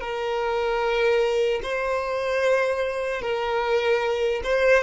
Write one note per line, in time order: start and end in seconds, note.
0.00 1.60 A#4
1.63 3.21 C5
3.21 4.41 A#4
4.43 4.83 C5